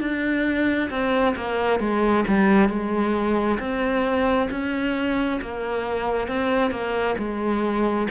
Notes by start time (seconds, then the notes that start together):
0.00 D4
0.90 C4
1.36 A#3
1.80 G#3
2.28 G3
2.69 G#3
3.59 C4
4.51 C#4
5.41 A#3
6.28 C4
6.71 A#3
7.18 G#3